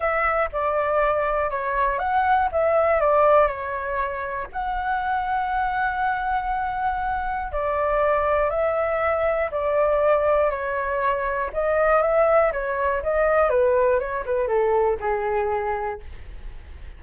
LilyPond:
\new Staff \with { instrumentName = "flute" } { \time 4/4 \tempo 4 = 120 e''4 d''2 cis''4 | fis''4 e''4 d''4 cis''4~ | cis''4 fis''2.~ | fis''2. d''4~ |
d''4 e''2 d''4~ | d''4 cis''2 dis''4 | e''4 cis''4 dis''4 b'4 | cis''8 b'8 a'4 gis'2 | }